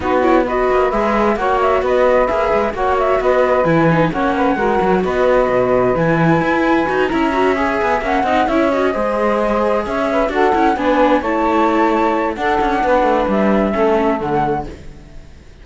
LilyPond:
<<
  \new Staff \with { instrumentName = "flute" } { \time 4/4 \tempo 4 = 131 b'8 cis''8 dis''4 e''4 fis''8 e''8 | dis''4 e''4 fis''8 e''8 dis''4 | gis''4 fis''2 dis''4~ | dis''4 gis''2~ gis''8 ais''8~ |
ais''8 gis''4 fis''4 e''8 dis''4~ | dis''4. e''4 fis''4 gis''8~ | gis''8 a''2~ a''8 fis''4~ | fis''4 e''2 fis''4 | }
  \new Staff \with { instrumentName = "saxophone" } { \time 4/4 fis'4 b'2 cis''4 | b'2 cis''4 b'4~ | b'4 cis''8 b'8 ais'4 b'4~ | b'2.~ b'8 e''8~ |
e''2 dis''8 cis''4 c''8~ | c''4. cis''8 b'8 a'4 b'8~ | b'8 cis''2~ cis''8 a'4 | b'2 a'2 | }
  \new Staff \with { instrumentName = "viola" } { \time 4/4 dis'8 e'8 fis'4 gis'4 fis'4~ | fis'4 gis'4 fis'2 | e'8 dis'8 cis'4 fis'2~ | fis'4 e'2 fis'8 e'8 |
fis'8 gis'4 cis'8 dis'8 e'8 fis'8 gis'8~ | gis'2~ gis'8 fis'8 e'8 d'8~ | d'8 e'2~ e'8 d'4~ | d'2 cis'4 a4 | }
  \new Staff \with { instrumentName = "cello" } { \time 4/4 b4. ais8 gis4 ais4 | b4 ais8 gis8 ais4 b4 | e4 ais4 gis8 fis8 b4 | b,4 e4 e'4 dis'8 cis'8~ |
cis'4 b8 ais8 c'8 cis'4 gis8~ | gis4. cis'4 d'8 cis'8 b8~ | b8 a2~ a8 d'8 cis'8 | b8 a8 g4 a4 d4 | }
>>